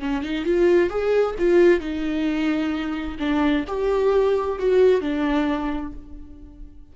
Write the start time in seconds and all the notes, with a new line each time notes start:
0.00 C#4
0.23 D#4
0.45 F4
0.90 G#4
1.39 F4
1.80 D#4
3.19 D4
3.68 G4
4.59 F#4
5.01 D4